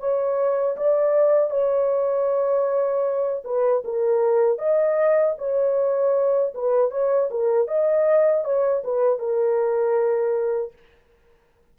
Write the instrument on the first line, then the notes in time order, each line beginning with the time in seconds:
horn
0.00 C#5
0.77 D5
1.51 C#5
3.45 B4
3.85 A#4
4.59 D#5
5.38 C#5
6.55 B4
6.91 C#5
7.30 A#4
7.68 D#5
8.45 C#5
8.84 B4
9.19 A#4